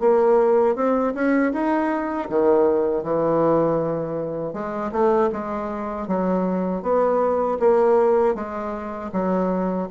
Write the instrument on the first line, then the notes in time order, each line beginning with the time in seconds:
bassoon
0.00 A#3
0.76 C4
1.14 C#4
1.53 D#4
2.29 D#3
3.03 E3
4.53 G#3
4.92 A3
5.32 G#3
6.08 F#3
6.83 B3
7.59 A#3
8.35 G#3
9.12 F#3